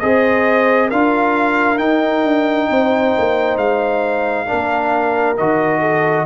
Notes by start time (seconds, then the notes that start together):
0.00 C4 G#4 C5 D#5
0.88 D4 F4 A#4 F5
1.79 D#4 G5
2.24 D4
2.70 C4 C5
3.18 A#3
3.57 G#3 F5
4.47 A#3 D4 A#4
5.38 D#3 F#4 D#5
5.81 A4